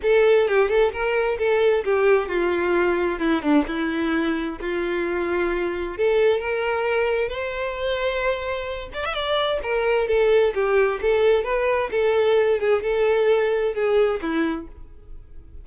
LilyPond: \new Staff \with { instrumentName = "violin" } { \time 4/4 \tempo 4 = 131 a'4 g'8 a'8 ais'4 a'4 | g'4 f'2 e'8 d'8 | e'2 f'2~ | f'4 a'4 ais'2 |
c''2.~ c''8 d''16 e''16 | d''4 ais'4 a'4 g'4 | a'4 b'4 a'4. gis'8 | a'2 gis'4 e'4 | }